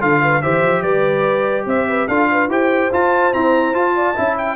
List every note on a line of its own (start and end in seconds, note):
0.00 0.43 D3
0.00 0.42 F4
0.00 0.21 A4
0.00 0.42 F5
0.22 0.43 B4
0.42 0.62 E3
0.42 2.09 G4
0.42 0.82 C5
0.42 0.82 E5
0.62 0.83 F3
0.82 1.66 G3
0.82 1.66 B4
0.82 1.65 D5
1.66 2.07 C4
1.66 1.88 C5
1.66 2.08 E5
1.88 2.08 B4
2.08 2.48 D4
2.08 2.49 F4
2.08 2.29 A4
2.08 2.49 F5
2.32 2.49 B4
2.48 2.90 E4
2.48 2.91 G4
2.48 3.95 C5
2.48 2.93 G5
2.92 3.33 F4
2.92 3.34 F4
2.92 3.34 A5
3.33 3.74 C4
3.33 3.75 E4
3.33 3.75 A#5
3.74 4.15 F4
3.74 4.17 F4
3.74 4.38 A5
3.96 4.15 D5
4.15 4.56 C#4
4.15 4.56 E4
4.15 4.56 E5
4.38 4.56 G5